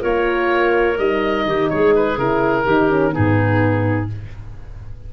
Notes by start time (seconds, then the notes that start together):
0.00 A#3 F4 A#4 C#5
0.98 G3 D#4 D#5
1.45 D#3 G4
1.69 G#3 G#4 C#5
1.95 B4
2.17 C#3 E4 A#4
2.64 D#3 D#4 G4
2.89 C#4
3.11 G#2 B3 D#4 G#4